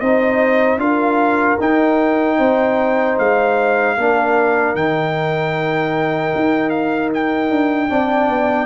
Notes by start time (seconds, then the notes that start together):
0.00 C4 D#4 C5 D#5
0.77 D4 F4 A#4 F5
1.60 D#4 G5
2.38 C4 C5
3.18 G#3 F5
3.97 A#3 D4 A#4
4.75 D#3 D#4 G5
6.35 D#4
6.70 F5
7.14 G5
7.50 D4
7.89 C4 D4 D5
8.29 B3